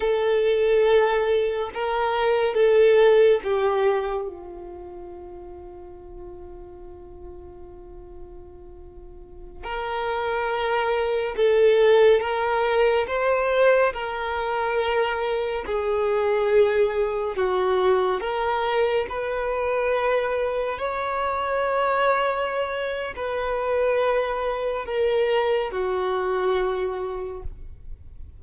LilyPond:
\new Staff \with { instrumentName = "violin" } { \time 4/4 \tempo 4 = 70 a'2 ais'4 a'4 | g'4 f'2.~ | f'2.~ f'16 ais'8.~ | ais'4~ ais'16 a'4 ais'4 c''8.~ |
c''16 ais'2 gis'4.~ gis'16~ | gis'16 fis'4 ais'4 b'4.~ b'16~ | b'16 cis''2~ cis''8. b'4~ | b'4 ais'4 fis'2 | }